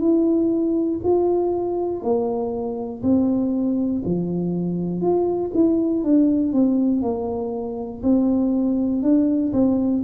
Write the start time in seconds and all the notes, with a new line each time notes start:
0.00 E4
1.04 F4
2.02 A#3
3.03 C4
4.05 F3
5.01 F4
5.55 E4
6.04 D4
6.53 C4
7.02 A#3
8.03 C4
9.03 D4
9.53 C4